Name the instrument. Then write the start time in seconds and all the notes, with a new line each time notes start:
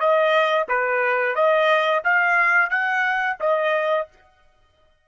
trumpet
0.00 D#5
0.69 B4
1.35 D#5
2.04 F5
2.70 F#5
3.40 D#5